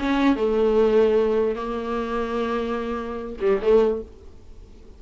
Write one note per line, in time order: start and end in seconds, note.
0.00 0.36 C#4
0.36 1.56 A3
1.56 3.37 A#3
3.41 3.61 G3
3.62 4.02 A3